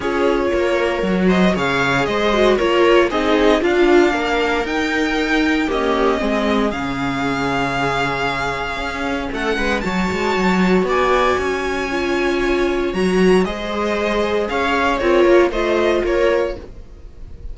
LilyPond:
<<
  \new Staff \with { instrumentName = "violin" } { \time 4/4 \tempo 4 = 116 cis''2~ cis''8 dis''8 f''4 | dis''4 cis''4 dis''4 f''4~ | f''4 g''2 dis''4~ | dis''4 f''2.~ |
f''2 fis''4 a''4~ | a''4 gis''2.~ | gis''4 ais''4 dis''2 | f''4 cis''4 dis''4 cis''4 | }
  \new Staff \with { instrumentName = "viola" } { \time 4/4 gis'4 ais'4. c''8 cis''4 | c''4 ais'4 gis'4 f'4 | ais'2. g'4 | gis'1~ |
gis'2 a'8 b'8 cis''4~ | cis''4 d''4 cis''2~ | cis''2 c''2 | cis''4 f'4 c''4 ais'4 | }
  \new Staff \with { instrumentName = "viola" } { \time 4/4 f'2 fis'4 gis'4~ | gis'8 fis'8 f'4 dis'4 d'4~ | d'4 dis'2 ais4 | c'4 cis'2.~ |
cis'2. fis'4~ | fis'2. f'4~ | f'4 fis'4 gis'2~ | gis'4 ais'4 f'2 | }
  \new Staff \with { instrumentName = "cello" } { \time 4/4 cis'4 ais4 fis4 cis4 | gis4 ais4 c'4 d'4 | ais4 dis'2 cis'4 | gis4 cis2.~ |
cis4 cis'4 a8 gis8 fis8 gis8 | fis4 b4 cis'2~ | cis'4 fis4 gis2 | cis'4 c'8 ais8 a4 ais4 | }
>>